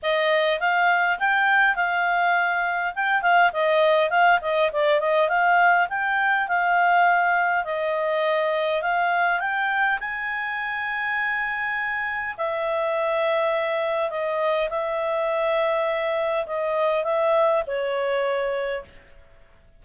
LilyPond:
\new Staff \with { instrumentName = "clarinet" } { \time 4/4 \tempo 4 = 102 dis''4 f''4 g''4 f''4~ | f''4 g''8 f''8 dis''4 f''8 dis''8 | d''8 dis''8 f''4 g''4 f''4~ | f''4 dis''2 f''4 |
g''4 gis''2.~ | gis''4 e''2. | dis''4 e''2. | dis''4 e''4 cis''2 | }